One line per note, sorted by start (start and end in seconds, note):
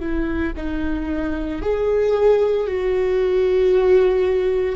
0.00 0.53 E4
0.57 1.62 D#4
1.62 2.67 G#4
2.67 4.76 F#4